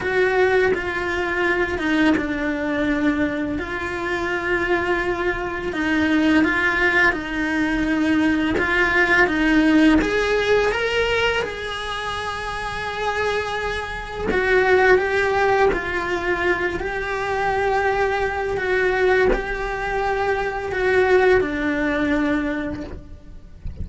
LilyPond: \new Staff \with { instrumentName = "cello" } { \time 4/4 \tempo 4 = 84 fis'4 f'4. dis'8 d'4~ | d'4 f'2. | dis'4 f'4 dis'2 | f'4 dis'4 gis'4 ais'4 |
gis'1 | fis'4 g'4 f'4. g'8~ | g'2 fis'4 g'4~ | g'4 fis'4 d'2 | }